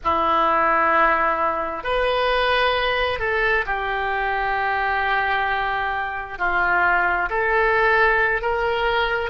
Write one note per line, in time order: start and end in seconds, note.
0.04 1.83 E4
1.83 3.19 B4
3.19 3.64 A4
3.66 6.38 G4
6.38 7.29 F4
7.29 8.41 A4
8.41 9.30 A#4